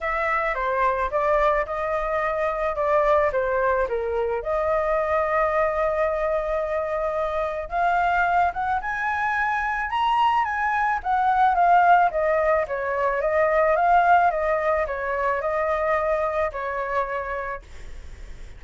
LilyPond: \new Staff \with { instrumentName = "flute" } { \time 4/4 \tempo 4 = 109 e''4 c''4 d''4 dis''4~ | dis''4 d''4 c''4 ais'4 | dis''1~ | dis''2 f''4. fis''8 |
gis''2 ais''4 gis''4 | fis''4 f''4 dis''4 cis''4 | dis''4 f''4 dis''4 cis''4 | dis''2 cis''2 | }